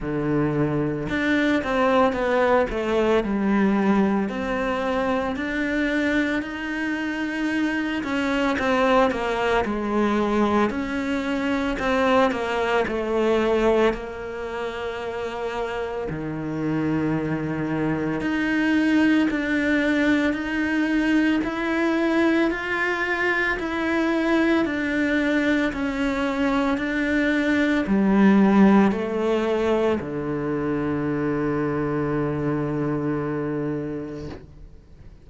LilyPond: \new Staff \with { instrumentName = "cello" } { \time 4/4 \tempo 4 = 56 d4 d'8 c'8 b8 a8 g4 | c'4 d'4 dis'4. cis'8 | c'8 ais8 gis4 cis'4 c'8 ais8 | a4 ais2 dis4~ |
dis4 dis'4 d'4 dis'4 | e'4 f'4 e'4 d'4 | cis'4 d'4 g4 a4 | d1 | }